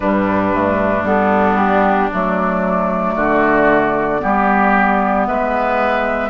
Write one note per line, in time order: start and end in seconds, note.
0.00 1.02 G2
0.00 0.54 G3
0.00 3.14 D4
0.00 1.03 B4
0.54 1.05 A3
1.02 2.08 G3
1.02 2.11 B3
1.02 1.57 A4
1.57 2.09 G4
2.11 3.16 F#3
2.11 4.19 A3
2.11 5.26 D5
3.15 4.21 D3
3.15 4.21 F#4
4.19 5.28 G3
4.19 6.29 B3
4.19 5.27 G4
5.26 6.29 G#3
5.26 6.29 B4
5.26 6.29 E5